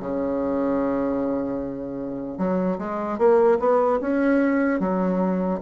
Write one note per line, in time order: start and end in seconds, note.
0.00 2.38 C#3
2.38 2.78 F#3
2.78 3.18 G#3
3.19 3.59 A#3
3.60 4.00 B3
4.01 4.80 C#4
4.80 5.60 F#3